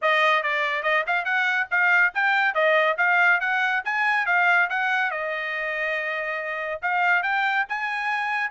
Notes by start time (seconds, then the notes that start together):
0.01 D#5
0.43 D5
0.83 D#5
1.06 F5
1.24 F#5
1.70 F5
2.14 G5
2.54 D#5
2.97 F5
3.40 F#5
3.85 G#5
4.26 F5
4.69 F#5
5.10 D#5
6.81 F5
7.22 G5
7.68 G#5